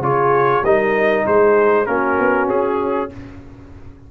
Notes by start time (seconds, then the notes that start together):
0.00 C#3 F4 G#4 C#5
0.63 G3 D#4 A#4 D#5
1.27 G#3 G#4 C5
1.86 A#3 C#4 F#4 A#4
2.19 B3
2.48 C#4 G#4